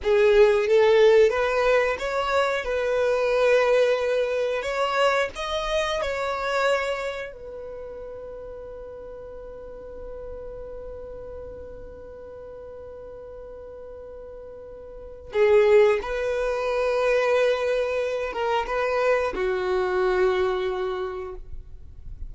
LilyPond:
\new Staff \with { instrumentName = "violin" } { \time 4/4 \tempo 4 = 90 gis'4 a'4 b'4 cis''4 | b'2. cis''4 | dis''4 cis''2 b'4~ | b'1~ |
b'1~ | b'2. gis'4 | b'2.~ b'8 ais'8 | b'4 fis'2. | }